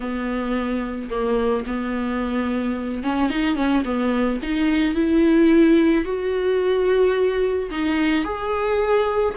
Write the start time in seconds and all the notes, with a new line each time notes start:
0.00 B3
1.10 A#3
1.66 B3
3.03 C#4
3.30 D#4
3.55 C#4
3.84 B3
4.42 D#4
4.94 E4
6.05 F#4
7.71 D#4
8.24 G#4